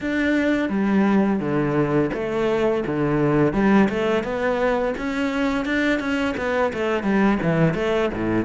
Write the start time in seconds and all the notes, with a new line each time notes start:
0.00 D4
0.69 G3
1.40 D3
2.13 A3
2.86 D3
3.53 G3
3.89 A3
4.23 B3
4.97 C#4
5.65 D4
5.99 C#4
6.37 B3
6.73 A3
7.03 G3
7.42 E3
7.74 A3
8.13 A2